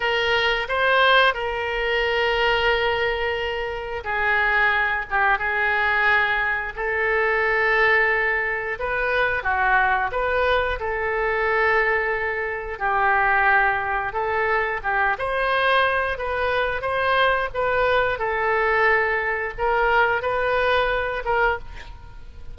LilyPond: \new Staff \with { instrumentName = "oboe" } { \time 4/4 \tempo 4 = 89 ais'4 c''4 ais'2~ | ais'2 gis'4. g'8 | gis'2 a'2~ | a'4 b'4 fis'4 b'4 |
a'2. g'4~ | g'4 a'4 g'8 c''4. | b'4 c''4 b'4 a'4~ | a'4 ais'4 b'4. ais'8 | }